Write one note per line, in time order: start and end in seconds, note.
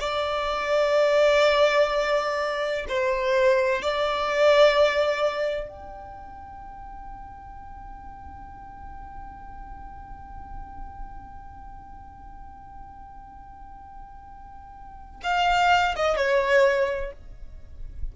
0.00 2.86 D5
2.89 3.82 C5
3.82 5.69 D5
5.69 15.21 G5
15.24 15.95 F5
15.96 16.17 D#5
16.17 17.12 C#5